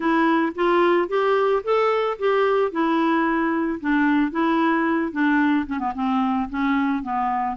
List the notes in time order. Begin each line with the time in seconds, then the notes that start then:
0.00 E4
0.55 F4
1.08 G4
1.63 A4
2.19 G4
2.71 E4
3.80 D4
4.31 E4
5.12 D4
5.66 C#4
5.79 B3
5.95 C4
6.49 C#4
7.02 B3